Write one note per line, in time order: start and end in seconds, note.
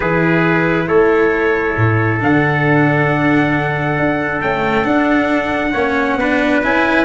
0.00 0.87 E3
0.00 2.20 E4
0.00 0.86 G#4
0.00 0.87 B4
0.87 1.76 A3
0.87 5.72 A4
0.87 2.20 C#5
1.76 2.20 A2
2.20 3.98 D3
2.20 4.40 D4
2.20 4.41 F#5
3.98 4.41 D4
4.41 4.84 A3
4.41 4.85 C#4
4.41 4.85 G5
4.84 5.72 D4
4.84 5.74 D4
4.84 6.61 F#5
5.72 6.16 A#3
5.72 6.20 C#4
5.72 6.16 C#5
6.16 6.60 B3
6.16 6.63 D4
6.16 7.04 B4
6.63 7.04 C#4
6.63 7.04 E4
6.63 7.04 G#5